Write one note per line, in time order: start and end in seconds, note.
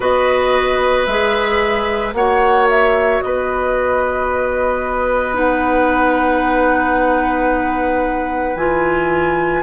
0.00 1.06 B3
0.00 1.07 F#4
0.00 2.13 B4
0.00 1.06 D#5
1.06 2.13 G#3
1.06 2.14 G#4
1.06 2.13 E5
2.13 3.20 A#3
2.13 5.33 F#4
2.13 3.23 C#5
2.13 2.67 F#5
2.69 3.21 E5
3.21 8.55 B3
3.21 9.63 B4
3.21 5.35 D#5
5.33 8.54 D#4
5.33 8.56 F#5
8.55 9.62 E3
8.55 9.63 F4
8.55 9.63 G#5